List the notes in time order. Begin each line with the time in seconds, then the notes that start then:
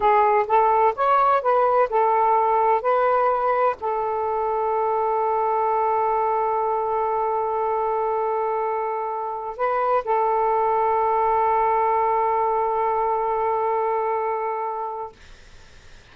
0.00 G#4
0.47 A4
0.95 C#5
1.42 B4
1.89 A4
2.81 B4
3.80 A4
9.56 B4
10.04 A4